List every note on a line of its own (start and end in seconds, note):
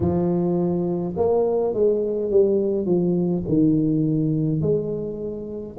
0.00 1.14 F3
1.16 1.73 A#3
1.73 2.30 G#3
2.30 2.85 G3
2.85 3.43 F3
3.48 4.61 D#3
4.61 5.76 G#3